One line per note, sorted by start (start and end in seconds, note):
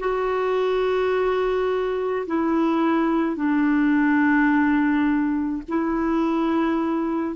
0.00 2.26 F#4
2.27 3.37 E4
3.37 5.63 D4
5.69 7.36 E4